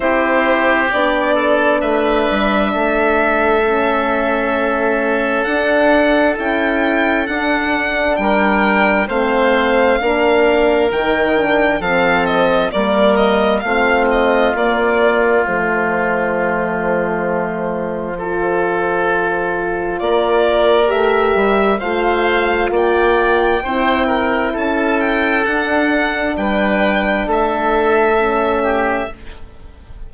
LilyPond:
<<
  \new Staff \with { instrumentName = "violin" } { \time 4/4 \tempo 4 = 66 c''4 d''4 e''2~ | e''2 fis''4 g''4 | fis''4 g''4 f''2 | g''4 f''8 dis''8 d''8 dis''8 f''8 dis''8 |
d''4 c''2.~ | c''2 d''4 e''4 | f''4 g''2 a''8 g''8 | fis''4 g''4 e''2 | }
  \new Staff \with { instrumentName = "oboe" } { \time 4/4 g'4. a'8 b'4 a'4~ | a'1~ | a'4 ais'4 c''4 ais'4~ | ais'4 a'4 ais'4 f'4~ |
f'1 | a'2 ais'2 | c''4 d''4 c''8 ais'8 a'4~ | a'4 b'4 a'4. g'8 | }
  \new Staff \with { instrumentName = "horn" } { \time 4/4 e'4 d'2. | cis'2 d'4 e'4 | d'2 c'4 d'4 | dis'8 d'8 c'4 ais4 c'4 |
ais4 a2. | f'2. g'4 | f'2 e'2 | d'2. cis'4 | }
  \new Staff \with { instrumentName = "bassoon" } { \time 4/4 c'4 b4 a8 g8 a4~ | a2 d'4 cis'4 | d'4 g4 a4 ais4 | dis4 f4 g4 a4 |
ais4 f2.~ | f2 ais4 a8 g8 | a4 ais4 c'4 cis'4 | d'4 g4 a2 | }
>>